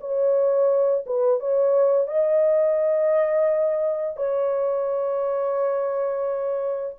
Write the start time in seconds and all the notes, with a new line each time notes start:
0.00 C#5
1.06 B4
1.40 C#5
2.07 D#5
4.16 C#5